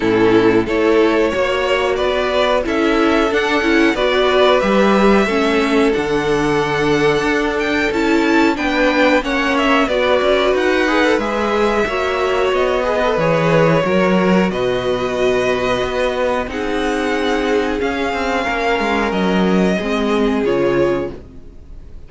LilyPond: <<
  \new Staff \with { instrumentName = "violin" } { \time 4/4 \tempo 4 = 91 a'4 cis''2 d''4 | e''4 fis''4 d''4 e''4~ | e''4 fis''2~ fis''8 g''8 | a''4 g''4 fis''8 e''8 d''4 |
fis''4 e''2 dis''4 | cis''2 dis''2~ | dis''4 fis''2 f''4~ | f''4 dis''2 cis''4 | }
  \new Staff \with { instrumentName = "violin" } { \time 4/4 e'4 a'4 cis''4 b'4 | a'2 b'2 | a'1~ | a'4 b'4 cis''4 b'4~ |
b'2 cis''4. b'8~ | b'4 ais'4 b'2~ | b'4 gis'2. | ais'2 gis'2 | }
  \new Staff \with { instrumentName = "viola" } { \time 4/4 cis'4 e'4 fis'2 | e'4 d'8 e'8 fis'4 g'4 | cis'4 d'2. | e'4 d'4 cis'4 fis'4~ |
fis'8 gis'16 a'16 gis'4 fis'4. gis'16 a'16 | gis'4 fis'2.~ | fis'4 dis'2 cis'4~ | cis'2 c'4 f'4 | }
  \new Staff \with { instrumentName = "cello" } { \time 4/4 a,4 a4 ais4 b4 | cis'4 d'8 cis'8 b4 g4 | a4 d2 d'4 | cis'4 b4 ais4 b8 cis'8 |
dis'4 gis4 ais4 b4 | e4 fis4 b,2 | b4 c'2 cis'8 c'8 | ais8 gis8 fis4 gis4 cis4 | }
>>